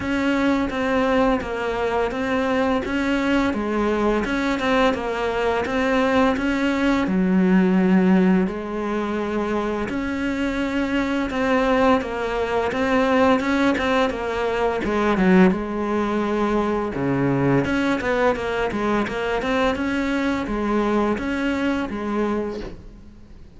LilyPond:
\new Staff \with { instrumentName = "cello" } { \time 4/4 \tempo 4 = 85 cis'4 c'4 ais4 c'4 | cis'4 gis4 cis'8 c'8 ais4 | c'4 cis'4 fis2 | gis2 cis'2 |
c'4 ais4 c'4 cis'8 c'8 | ais4 gis8 fis8 gis2 | cis4 cis'8 b8 ais8 gis8 ais8 c'8 | cis'4 gis4 cis'4 gis4 | }